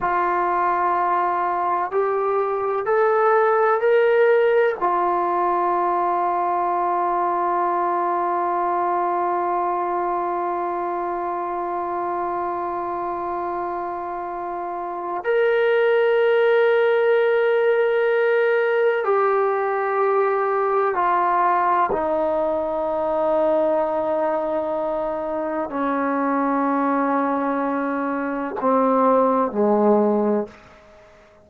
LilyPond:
\new Staff \with { instrumentName = "trombone" } { \time 4/4 \tempo 4 = 63 f'2 g'4 a'4 | ais'4 f'2.~ | f'1~ | f'1 |
ais'1 | g'2 f'4 dis'4~ | dis'2. cis'4~ | cis'2 c'4 gis4 | }